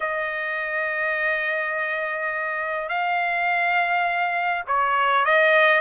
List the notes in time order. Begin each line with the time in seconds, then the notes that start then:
0.00 D#5
2.88 F5
4.67 C#5
5.25 D#5